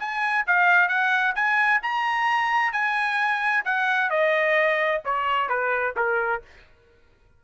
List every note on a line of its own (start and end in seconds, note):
0.00 0.46 G#5
0.47 0.89 F5
0.89 1.35 F#5
1.36 1.81 G#5
1.83 2.73 A#5
2.73 3.65 G#5
3.65 4.10 F#5
4.10 5.02 D#5
5.05 5.49 C#5
5.49 5.95 B4
5.97 6.43 A#4